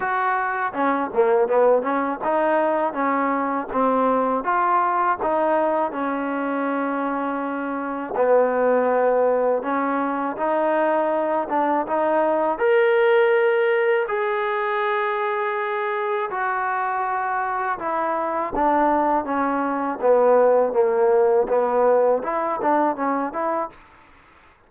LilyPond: \new Staff \with { instrumentName = "trombone" } { \time 4/4 \tempo 4 = 81 fis'4 cis'8 ais8 b8 cis'8 dis'4 | cis'4 c'4 f'4 dis'4 | cis'2. b4~ | b4 cis'4 dis'4. d'8 |
dis'4 ais'2 gis'4~ | gis'2 fis'2 | e'4 d'4 cis'4 b4 | ais4 b4 e'8 d'8 cis'8 e'8 | }